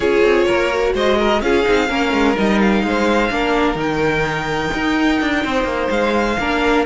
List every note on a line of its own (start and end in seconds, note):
0.00 0.22 C#4
0.00 0.71 F4
0.00 0.46 G#4
0.00 0.95 C#5
0.22 0.46 C4
0.46 0.94 A#3
0.46 0.93 A#4
0.71 1.42 F#4
0.94 1.41 G#3
0.94 1.18 C5
0.94 1.41 D#5
1.18 1.42 A#4
1.41 1.65 C#4
1.41 1.63 F4
1.41 1.89 G#4
1.41 2.36 F5
1.63 1.90 C4
1.63 1.87 D#4
1.88 2.12 A#3
1.88 2.35 C#4
1.88 2.83 A#4
2.12 2.35 G#3
2.35 2.82 G3
2.35 3.29 D#4
2.35 2.60 D#5
2.60 3.79 F5
2.82 3.30 G#3
2.82 3.33 C5
3.30 3.75 A#3
3.30 3.76 D4
3.30 5.44 A#4
3.75 4.69 D#3
3.75 6.36 D#4
3.75 5.90 G5
4.74 5.21 D#4
5.21 5.44 D4
5.44 5.64 C4
5.44 6.38 C5
5.64 5.87 A#3
5.90 6.37 G#3
5.90 6.84 F5
6.38 6.85 A#3
6.38 6.85 D4
6.38 6.85 A#4